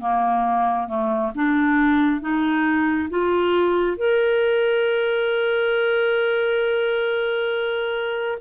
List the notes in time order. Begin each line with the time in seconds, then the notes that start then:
0.00 A#3
0.88 A3
1.35 D4
2.21 D#4
3.10 F4
3.97 A#4